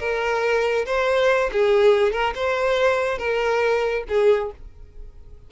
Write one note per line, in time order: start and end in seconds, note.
0.00 0.86 A#4
0.86 1.50 C5
1.53 2.13 G#4
2.13 2.34 A#4
2.35 3.19 C5
3.19 4.04 A#4
4.09 4.52 G#4